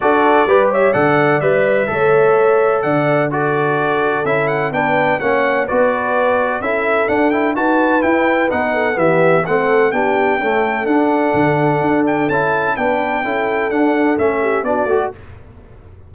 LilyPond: <<
  \new Staff \with { instrumentName = "trumpet" } { \time 4/4 \tempo 4 = 127 d''4. e''8 fis''4 e''4~ | e''2 fis''4 d''4~ | d''4 e''8 fis''8 g''4 fis''4 | d''2 e''4 fis''8 g''8 |
a''4 g''4 fis''4 e''4 | fis''4 g''2 fis''4~ | fis''4. g''8 a''4 g''4~ | g''4 fis''4 e''4 d''4 | }
  \new Staff \with { instrumentName = "horn" } { \time 4/4 a'4 b'8 cis''8 d''2 | cis''2 d''4 a'4~ | a'2 b'4 cis''4 | b'2 a'2 |
b'2~ b'8 a'8 g'4 | a'4 g'4 a'2~ | a'2. b'4 | a'2~ a'8 g'8 fis'4 | }
  \new Staff \with { instrumentName = "trombone" } { \time 4/4 fis'4 g'4 a'4 b'4 | a'2. fis'4~ | fis'4 e'4 d'4 cis'4 | fis'2 e'4 d'8 e'8 |
fis'4 e'4 dis'4 b4 | c'4 d'4 a4 d'4~ | d'2 e'4 d'4 | e'4 d'4 cis'4 d'8 fis'8 | }
  \new Staff \with { instrumentName = "tuba" } { \time 4/4 d'4 g4 d4 g4 | a2 d2~ | d4 cis'4 b4 ais4 | b2 cis'4 d'4 |
dis'4 e'4 b4 e4 | a4 b4 cis'4 d'4 | d4 d'4 cis'4 b4 | cis'4 d'4 a4 b8 a8 | }
>>